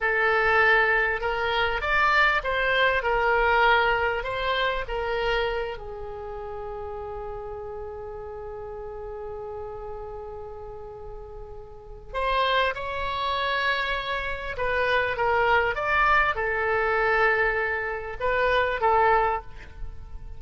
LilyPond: \new Staff \with { instrumentName = "oboe" } { \time 4/4 \tempo 4 = 99 a'2 ais'4 d''4 | c''4 ais'2 c''4 | ais'4. gis'2~ gis'8~ | gis'1~ |
gis'1 | c''4 cis''2. | b'4 ais'4 d''4 a'4~ | a'2 b'4 a'4 | }